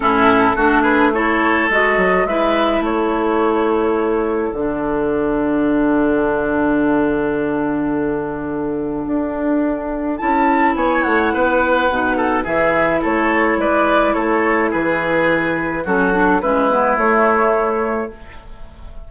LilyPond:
<<
  \new Staff \with { instrumentName = "flute" } { \time 4/4 \tempo 4 = 106 a'4. b'8 cis''4 dis''4 | e''4 cis''2. | fis''1~ | fis''1~ |
fis''2 a''4 gis''8 fis''8~ | fis''2 e''4 cis''4 | d''4 cis''4 b'2 | a'4 b'4 cis''2 | }
  \new Staff \with { instrumentName = "oboe" } { \time 4/4 e'4 fis'8 gis'8 a'2 | b'4 a'2.~ | a'1~ | a'1~ |
a'2. cis''4 | b'4. a'8 gis'4 a'4 | b'4 a'4 gis'2 | fis'4 e'2. | }
  \new Staff \with { instrumentName = "clarinet" } { \time 4/4 cis'4 d'4 e'4 fis'4 | e'1 | d'1~ | d'1~ |
d'2 e'2~ | e'4 dis'4 e'2~ | e'1 | cis'8 d'8 cis'8 b8 a2 | }
  \new Staff \with { instrumentName = "bassoon" } { \time 4/4 a,4 a2 gis8 fis8 | gis4 a2. | d1~ | d1 |
d'2 cis'4 b8 a8 | b4 b,4 e4 a4 | gis4 a4 e2 | fis4 gis4 a2 | }
>>